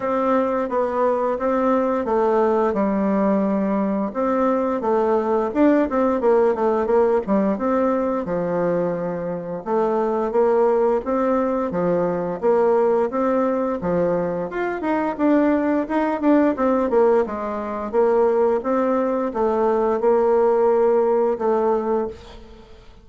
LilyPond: \new Staff \with { instrumentName = "bassoon" } { \time 4/4 \tempo 4 = 87 c'4 b4 c'4 a4 | g2 c'4 a4 | d'8 c'8 ais8 a8 ais8 g8 c'4 | f2 a4 ais4 |
c'4 f4 ais4 c'4 | f4 f'8 dis'8 d'4 dis'8 d'8 | c'8 ais8 gis4 ais4 c'4 | a4 ais2 a4 | }